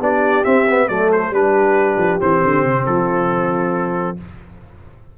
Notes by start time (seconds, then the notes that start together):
0.00 B3 D4 G4 D5
0.45 C4 E5
0.70 B3
0.88 F#3 A3 A4 D5
1.12 C5
1.31 G3 D4 G4 B4
1.98 F3
2.20 E3 C4 C5
2.44 D3
2.65 C3
2.86 F3 F4 A4